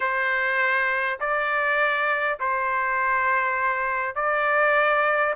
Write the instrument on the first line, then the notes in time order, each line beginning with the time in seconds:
trumpet
0.00 C5
1.20 D5
2.39 C5
4.14 D5